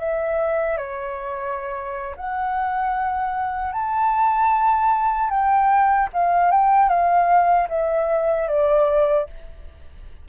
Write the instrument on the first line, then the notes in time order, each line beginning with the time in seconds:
flute
0.00 E5
0.78 C#5
2.16 F#5
3.73 A5
5.30 G5
6.13 F5
6.52 G5
6.89 F5
7.69 E5
8.48 D5